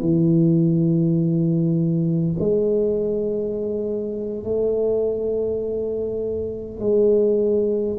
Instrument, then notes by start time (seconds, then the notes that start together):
tuba
0.00 E3
2.39 G#3
4.44 A3
6.80 G#3